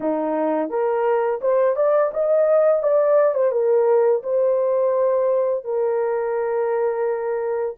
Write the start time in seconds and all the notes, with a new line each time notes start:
0.00 D#4
0.69 A#4
1.41 C5
1.76 D5
2.13 D#5
2.82 D5
3.34 C5
3.51 A#4
4.23 C5
5.64 A#4